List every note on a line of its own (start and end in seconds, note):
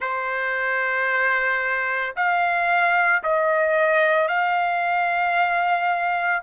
0.00 2.14 C5
2.15 3.22 F5
3.23 4.28 D#5
4.28 6.42 F5